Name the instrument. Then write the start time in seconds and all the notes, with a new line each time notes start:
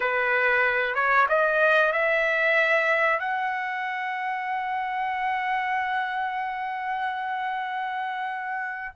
trumpet
0.00 B4
0.95 C#5
1.29 D#5
1.92 E5
3.19 F#5